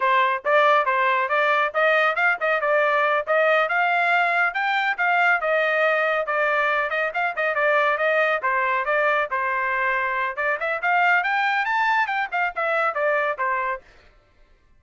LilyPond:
\new Staff \with { instrumentName = "trumpet" } { \time 4/4 \tempo 4 = 139 c''4 d''4 c''4 d''4 | dis''4 f''8 dis''8 d''4. dis''8~ | dis''8 f''2 g''4 f''8~ | f''8 dis''2 d''4. |
dis''8 f''8 dis''8 d''4 dis''4 c''8~ | c''8 d''4 c''2~ c''8 | d''8 e''8 f''4 g''4 a''4 | g''8 f''8 e''4 d''4 c''4 | }